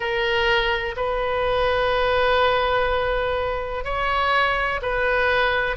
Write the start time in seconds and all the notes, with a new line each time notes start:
0.00 A#4
0.96 B4
3.84 C#5
4.82 B4